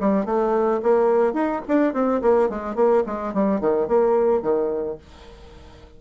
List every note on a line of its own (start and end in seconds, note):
0.00 0.25 G3
0.25 0.81 A3
0.82 1.33 A#3
1.33 1.61 D#4
1.67 1.93 D4
1.93 2.21 C4
2.21 2.49 A#3
2.49 2.75 G#3
2.75 3.03 A#3
3.06 3.34 G#3
3.34 3.60 G3
3.60 3.87 D#3
3.87 4.42 A#3
4.42 4.97 D#3